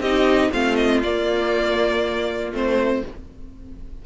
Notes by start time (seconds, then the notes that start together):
0.00 C4 D#4 G4 D#5
0.52 A3 C4 F4 F5
0.76 D#5
1.03 A#3 D5
2.52 A3 C4 C5